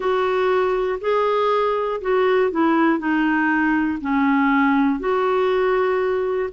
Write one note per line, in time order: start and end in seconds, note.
0.00 0.99 F#4
1.00 2.00 G#4
2.00 2.50 F#4
2.51 2.99 E4
2.99 3.99 D#4
4.00 5.00 C#4
5.00 6.50 F#4